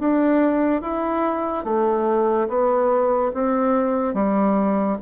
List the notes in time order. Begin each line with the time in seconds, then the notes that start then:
0.00 D4
0.82 E4
1.65 A3
2.49 B3
3.34 C4
4.14 G3